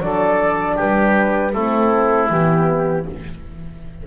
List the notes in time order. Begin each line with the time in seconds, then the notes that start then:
0.00 F#3 D4 A4 D5
0.76 G3 G4 B4
1.53 A3 C4 E4 A4
2.30 E3 B3 G4